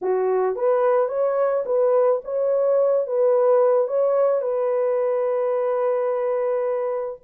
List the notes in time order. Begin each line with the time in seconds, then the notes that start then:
0.02 F#4
0.55 B4
1.08 C#5
1.65 B4
2.24 C#5
3.06 B4
3.87 C#5
4.41 B4